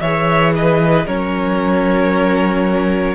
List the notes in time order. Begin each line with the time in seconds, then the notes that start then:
0.00 E3 G#4 C#5 E5
0.56 B4 D#5
1.07 F#3 C#4 A#4 C#5